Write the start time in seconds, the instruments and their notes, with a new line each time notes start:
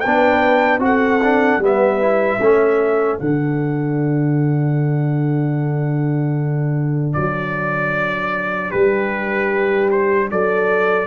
0.00 tuba B3, horn B4, trumpet G5
0.06 trombone D4
0.79 tuba C4, trombone F#4, trumpet F#5
0.85 horn A4
1.23 trombone D4
1.59 tuba G3, trombone B3, horn B4
1.65 trumpet E5
2.01 trombone E4
2.41 tuba A3, trombone C#4, horn A4
3.19 tuba D3, trombone D4, trumpet F#5
7.13 tuba F#3, trumpet D5
8.70 tuba G3, horn G4, trumpet B4
9.90 trumpet C5
10.31 tuba F#3, horn A4, trumpet D5